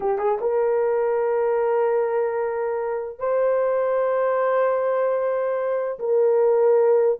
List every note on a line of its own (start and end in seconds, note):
0.00 0.18 G4
0.18 0.38 G#4
0.40 3.18 A#4
3.18 5.98 C5
5.99 7.19 A#4